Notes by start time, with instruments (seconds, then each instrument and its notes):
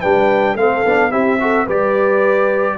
0.00 tuba G3, trombone D4, horn B4, trumpet G5
0.54 tuba A3, trombone C4, horn A4, trumpet F5
0.85 tuba B3, trombone D4
1.11 tuba C4, trombone E4, horn G4, trumpet E5
1.40 trombone F#4, horn A4
1.65 tuba G3, trombone G4, horn B4, trumpet D5